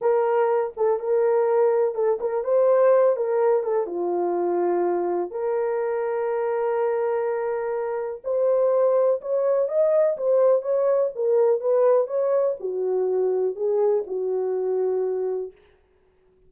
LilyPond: \new Staff \with { instrumentName = "horn" } { \time 4/4 \tempo 4 = 124 ais'4. a'8 ais'2 | a'8 ais'8 c''4. ais'4 a'8 | f'2. ais'4~ | ais'1~ |
ais'4 c''2 cis''4 | dis''4 c''4 cis''4 ais'4 | b'4 cis''4 fis'2 | gis'4 fis'2. | }